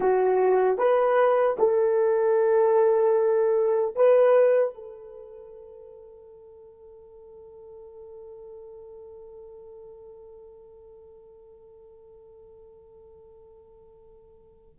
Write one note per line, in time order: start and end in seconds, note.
0.00 0.78 F#4
0.78 1.56 B4
1.59 3.95 A4
3.95 4.74 B4
4.74 14.78 A4